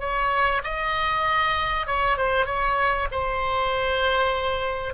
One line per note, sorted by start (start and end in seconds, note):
0.00 0.62 C#5
0.64 1.87 D#5
1.87 2.17 C#5
2.17 2.46 C5
2.46 3.08 C#5
3.12 4.94 C5